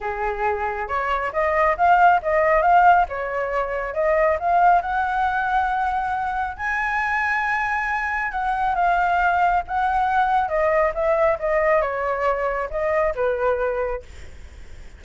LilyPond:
\new Staff \with { instrumentName = "flute" } { \time 4/4 \tempo 4 = 137 gis'2 cis''4 dis''4 | f''4 dis''4 f''4 cis''4~ | cis''4 dis''4 f''4 fis''4~ | fis''2. gis''4~ |
gis''2. fis''4 | f''2 fis''2 | dis''4 e''4 dis''4 cis''4~ | cis''4 dis''4 b'2 | }